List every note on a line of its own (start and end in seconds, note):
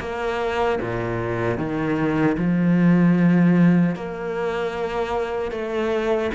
0.00 0.79 A#3
0.81 1.58 A#2
1.58 2.37 D#3
2.38 3.95 F3
3.95 5.52 A#3
5.52 6.31 A3